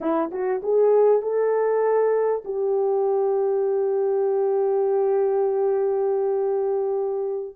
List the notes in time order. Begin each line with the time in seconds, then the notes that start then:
0.00 E4
0.31 F#4
0.63 G#4
1.22 A4
2.44 G4